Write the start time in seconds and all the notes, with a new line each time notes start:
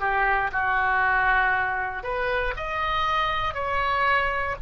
0.00 G4
0.52 F#4
2.03 B4
2.56 D#5
3.54 C#5